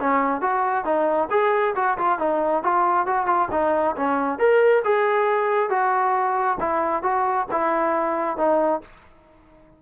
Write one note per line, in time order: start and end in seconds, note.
0.00 0.41 C#4
0.41 0.85 F#4
0.85 1.29 D#4
1.30 1.74 G#4
1.75 1.98 F#4
1.98 2.19 F4
2.19 2.63 D#4
2.63 3.06 F4
3.06 3.26 F#4
3.26 3.49 F4
3.51 3.95 D#4
3.96 4.39 C#4
4.39 4.83 A#4
4.84 5.70 G#4
5.70 6.58 F#4
6.60 7.03 E4
7.03 7.47 F#4
7.51 8.37 E4
8.37 8.81 D#4